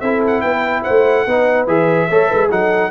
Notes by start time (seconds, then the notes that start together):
0.00 C4 E4 A4 E5
0.27 F#5
0.41 B3 B4 G5
0.83 C5 F#5
0.89 A3
1.26 B3 D#4 B4
1.67 E3 G#4 E5
2.09 A3 A4 C#5
2.28 G#3 B4
2.49 F#3 D#4 A4 F#5